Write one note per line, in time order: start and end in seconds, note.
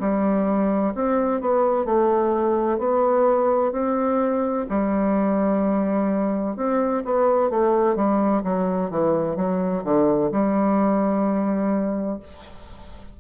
0.00 0.94 G3
0.95 1.41 C4
1.41 1.86 B3
1.86 2.79 A3
2.79 3.72 B3
3.72 4.66 C4
4.70 6.57 G3
6.57 7.04 C4
7.05 7.50 B3
7.50 7.96 A3
7.96 8.43 G3
8.44 8.91 F#3
8.91 9.36 E3
9.36 9.83 F#3
9.84 10.31 D3
10.32 12.20 G3